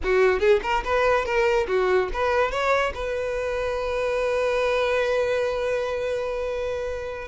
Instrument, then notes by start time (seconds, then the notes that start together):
violin
0.03 F#4
0.39 G#4
0.62 A#4
0.84 B4
1.25 A#4
1.67 F#4
2.13 B4
2.51 C#5
2.94 B4